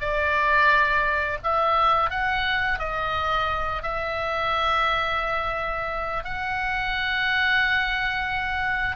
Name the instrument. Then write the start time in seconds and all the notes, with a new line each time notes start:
oboe
0.00 D5
1.43 E5
2.10 F#5
2.79 D#5
3.83 E5
6.24 F#5